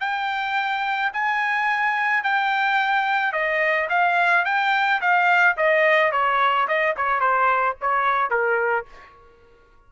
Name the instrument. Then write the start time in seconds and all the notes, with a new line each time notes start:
trumpet
0.00 G5
1.13 G#5
2.23 G5
3.32 D#5
3.89 F5
4.45 G5
5.01 F5
5.57 D#5
6.12 C#5
6.67 D#5
6.96 C#5
7.20 C5
7.81 C#5
8.30 A#4